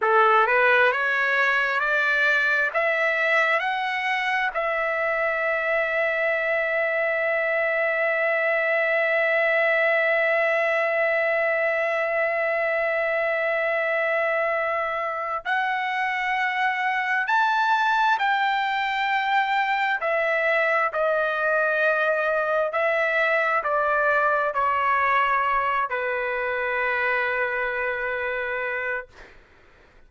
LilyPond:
\new Staff \with { instrumentName = "trumpet" } { \time 4/4 \tempo 4 = 66 a'8 b'8 cis''4 d''4 e''4 | fis''4 e''2.~ | e''1~ | e''1~ |
e''4 fis''2 a''4 | g''2 e''4 dis''4~ | dis''4 e''4 d''4 cis''4~ | cis''8 b'2.~ b'8 | }